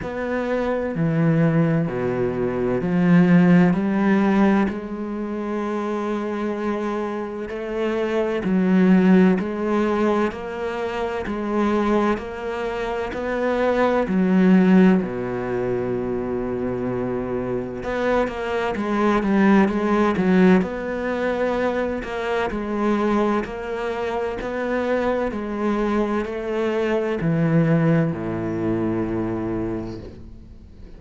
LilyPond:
\new Staff \with { instrumentName = "cello" } { \time 4/4 \tempo 4 = 64 b4 e4 b,4 f4 | g4 gis2. | a4 fis4 gis4 ais4 | gis4 ais4 b4 fis4 |
b,2. b8 ais8 | gis8 g8 gis8 fis8 b4. ais8 | gis4 ais4 b4 gis4 | a4 e4 a,2 | }